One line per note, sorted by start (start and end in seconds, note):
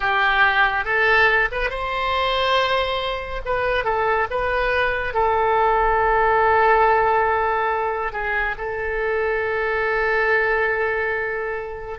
0.00 0.84 G4
0.84 1.48 A4
1.51 1.69 B4
1.69 3.41 C5
3.45 3.84 B4
3.84 4.27 A4
4.30 5.14 B4
5.14 8.12 A4
8.12 8.55 G#4
8.58 11.99 A4